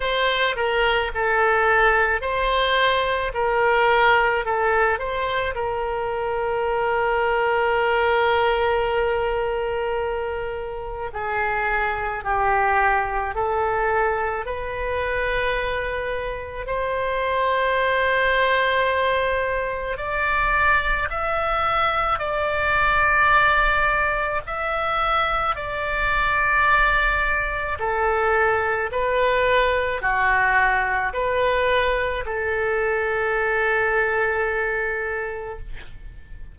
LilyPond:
\new Staff \with { instrumentName = "oboe" } { \time 4/4 \tempo 4 = 54 c''8 ais'8 a'4 c''4 ais'4 | a'8 c''8 ais'2.~ | ais'2 gis'4 g'4 | a'4 b'2 c''4~ |
c''2 d''4 e''4 | d''2 e''4 d''4~ | d''4 a'4 b'4 fis'4 | b'4 a'2. | }